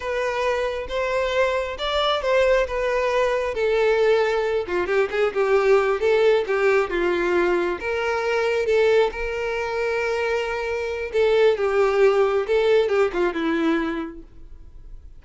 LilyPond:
\new Staff \with { instrumentName = "violin" } { \time 4/4 \tempo 4 = 135 b'2 c''2 | d''4 c''4 b'2 | a'2~ a'8 f'8 g'8 gis'8 | g'4. a'4 g'4 f'8~ |
f'4. ais'2 a'8~ | a'8 ais'2.~ ais'8~ | ais'4 a'4 g'2 | a'4 g'8 f'8 e'2 | }